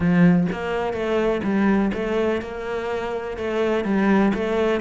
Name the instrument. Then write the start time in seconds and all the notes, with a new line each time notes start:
cello
0.00 F3
0.51 A#3
0.93 A3
1.43 G3
1.93 A3
2.41 A#3
3.37 A3
3.84 G3
4.34 A3